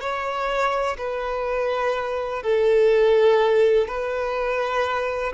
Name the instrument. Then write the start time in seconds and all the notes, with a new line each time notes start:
violin
0.00 C#5
0.98 B4
2.43 A4
3.88 B4